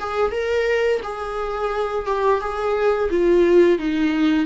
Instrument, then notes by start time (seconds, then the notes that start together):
viola
0.00 G#4
0.32 A#4
1.03 G#4
2.06 G4
2.41 G#4
3.10 F4
3.79 D#4